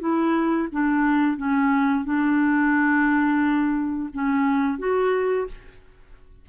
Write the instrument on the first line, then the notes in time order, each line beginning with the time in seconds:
clarinet
0.00 E4
0.72 D4
1.37 C#4
2.05 D4
4.13 C#4
4.79 F#4